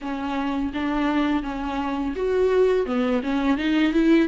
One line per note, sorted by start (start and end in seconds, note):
0.01 0.72 C#4
0.73 1.43 D4
1.43 2.14 C#4
2.15 2.85 F#4
2.85 3.21 B3
3.23 3.57 C#4
3.57 3.93 D#4
3.93 4.28 E4